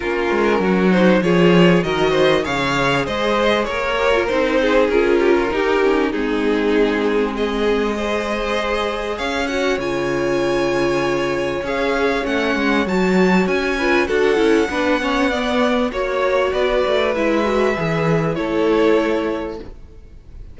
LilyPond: <<
  \new Staff \with { instrumentName = "violin" } { \time 4/4 \tempo 4 = 98 ais'4. c''8 cis''4 dis''4 | f''4 dis''4 cis''4 c''4 | ais'2 gis'2 | dis''2. f''8 fis''8 |
gis''2. f''4 | fis''4 a''4 gis''4 fis''4~ | fis''2 cis''4 d''4 | e''2 cis''2 | }
  \new Staff \with { instrumentName = "violin" } { \time 4/4 f'4 fis'4 gis'4 ais'8 c''8 | cis''4 c''4 ais'4. gis'8~ | gis'8 g'16 f'16 g'4 dis'2 | gis'4 c''2 cis''4~ |
cis''1~ | cis''2~ cis''8 b'8 a'4 | b'8 cis''8 d''4 cis''4 b'4~ | b'2 a'2 | }
  \new Staff \with { instrumentName = "viola" } { \time 4/4 cis'4. dis'8 f'4 fis'4 | gis'2~ gis'8 g'16 f'16 dis'4 | f'4 dis'8 cis'8 c'2~ | c'4 gis'2~ gis'8 fis'8 |
f'2. gis'4 | cis'4 fis'4. f'8 fis'8 e'8 | d'8 cis'8 b4 fis'2 | e'8 fis'8 gis'4 e'2 | }
  \new Staff \with { instrumentName = "cello" } { \time 4/4 ais8 gis8 fis4 f4 dis4 | cis4 gis4 ais4 c'4 | cis'4 dis'4 gis2~ | gis2. cis'4 |
cis2. cis'4 | a8 gis8 fis4 cis'4 d'8 cis'8 | b2 ais4 b8 a8 | gis4 e4 a2 | }
>>